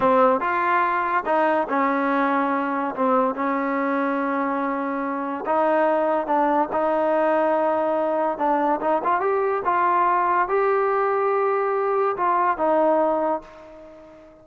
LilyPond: \new Staff \with { instrumentName = "trombone" } { \time 4/4 \tempo 4 = 143 c'4 f'2 dis'4 | cis'2. c'4 | cis'1~ | cis'4 dis'2 d'4 |
dis'1 | d'4 dis'8 f'8 g'4 f'4~ | f'4 g'2.~ | g'4 f'4 dis'2 | }